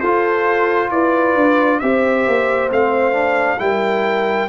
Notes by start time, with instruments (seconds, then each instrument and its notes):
0.00 tuba F4, trombone F4, horn A4, trumpet C5
0.91 tuba E4, horn B4, trumpet D5
1.35 tuba D4
1.80 tuba C4, trombone G4, horn C5, trumpet E5
2.27 tuba A#3
2.71 tuba A3, trombone C4, trumpet F5
3.13 trombone D4
3.59 tuba G3, trombone E4, horn A#4, trumpet G5